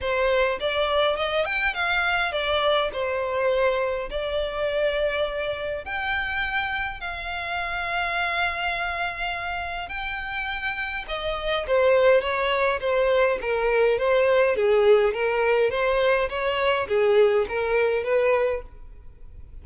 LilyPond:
\new Staff \with { instrumentName = "violin" } { \time 4/4 \tempo 4 = 103 c''4 d''4 dis''8 g''8 f''4 | d''4 c''2 d''4~ | d''2 g''2 | f''1~ |
f''4 g''2 dis''4 | c''4 cis''4 c''4 ais'4 | c''4 gis'4 ais'4 c''4 | cis''4 gis'4 ais'4 b'4 | }